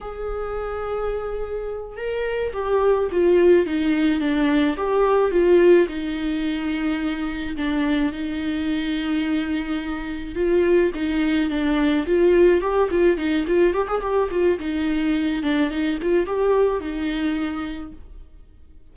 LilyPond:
\new Staff \with { instrumentName = "viola" } { \time 4/4 \tempo 4 = 107 gis'2.~ gis'8 ais'8~ | ais'8 g'4 f'4 dis'4 d'8~ | d'8 g'4 f'4 dis'4.~ | dis'4. d'4 dis'4.~ |
dis'2~ dis'8 f'4 dis'8~ | dis'8 d'4 f'4 g'8 f'8 dis'8 | f'8 g'16 gis'16 g'8 f'8 dis'4. d'8 | dis'8 f'8 g'4 dis'2 | }